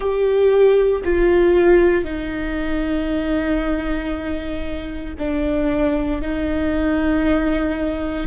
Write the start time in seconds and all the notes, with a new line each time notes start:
0.00 G4
1.04 F4
2.04 D#4
5.18 D4
6.21 D#4